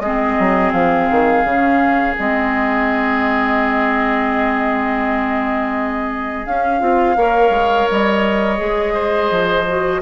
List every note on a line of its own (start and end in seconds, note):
0.00 0.36 G#3
0.00 1.48 C4
0.00 7.17 G#4
0.00 0.72 D#5
0.40 0.73 F#3
0.73 1.09 F3
0.73 2.16 F5
1.11 1.44 D#3
1.44 2.16 C#3
1.44 2.18 C#4
2.18 6.46 G#3
2.18 6.46 C4
2.18 6.47 D#5
6.46 6.80 C#4
6.46 6.82 C#4
6.46 7.89 F5
6.80 7.17 C4
6.80 7.16 F4
7.17 7.50 A#3
7.17 8.58 A#4
7.17 8.94 C#5
7.50 7.86 G#3
7.91 8.61 G3
7.91 10.02 D#5
8.58 9.31 G#3
8.58 9.65 G#4
8.94 10.01 C5
9.31 10.02 F3
9.69 10.02 F#4